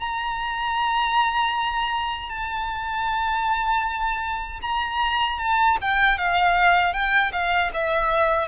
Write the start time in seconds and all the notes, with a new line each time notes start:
0.00 A#5
2.29 A5
4.62 A#5
5.39 A5
5.81 G5
6.18 F5
6.93 G5
7.32 F5
7.73 E5